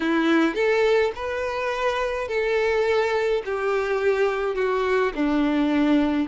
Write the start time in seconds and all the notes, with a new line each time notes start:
0.00 E4
0.54 A4
1.15 B4
2.28 A4
3.45 G4
4.55 F#4
5.15 D4